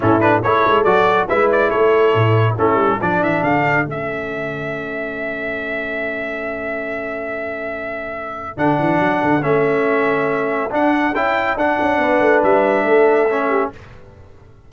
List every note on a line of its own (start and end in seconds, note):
0.00 0.44 A2
0.00 0.20 C#4
0.00 0.42 E4
0.00 0.20 A4
0.20 0.42 D4
0.20 0.41 B4
0.42 0.66 A3
0.42 0.85 E4
0.42 1.28 A4
0.42 0.84 C#5
0.66 0.84 G#3
0.84 1.27 F#3
0.84 1.28 F#4
0.84 1.27 D5
1.28 1.72 G#3
1.28 2.57 E4
1.28 1.69 B4
1.28 1.50 E5
1.51 1.70 D5
1.69 2.14 A3
1.69 2.55 A4
1.69 2.56 C#5
2.14 2.57 A2
2.57 2.74 A3
2.57 3.00 C#4
2.57 3.00 E4
2.57 3.01 A4
2.74 2.95 G3
3.00 3.21 F3
3.00 3.86 D4
3.00 12.00 A4
3.00 3.23 D5
3.21 3.42 E3
3.21 3.43 E5
3.43 3.85 D3
3.43 3.86 F5
3.85 8.57 A3
3.85 8.57 C#4
3.85 8.57 E5
8.57 8.78 D3
8.57 9.41 D4
8.57 9.42 F#5
8.78 8.99 E3
8.99 9.20 F#3
9.23 9.43 D3
9.41 10.71 A3
9.41 10.69 C#4
9.41 10.71 E5
10.70 11.13 D4
10.70 11.14 D4
10.70 11.14 F#5
11.14 11.56 C#4
11.14 11.57 E4
11.14 11.57 G5
11.56 11.77 D4
11.56 13.29 D4
11.56 12.43 F#5
11.81 11.97 C#4
11.97 12.19 B3
11.97 12.85 B4
12.20 12.41 A3
12.43 12.83 G3
12.43 13.72 E5
12.83 13.69 A3
12.83 13.49 A4
13.29 13.72 C#4
13.49 13.70 G4